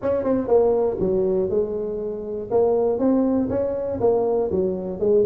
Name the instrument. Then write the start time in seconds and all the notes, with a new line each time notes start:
tuba
0.02 C#4
0.23 C4
0.47 A#3
0.99 F#3
1.49 G#3
2.50 A#3
2.98 C4
3.49 C#4
4.00 A#3
4.51 F#3
4.99 G#3